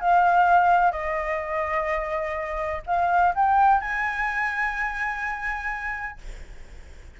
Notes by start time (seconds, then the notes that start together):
0.00 F5
0.92 D#5
2.86 F5
3.35 G5
3.81 G#5